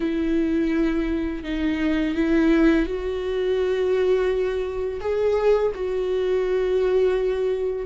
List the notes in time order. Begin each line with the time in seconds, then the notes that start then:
0.00 E4
1.43 D#4
2.14 E4
2.85 F#4
5.00 G#4
5.74 F#4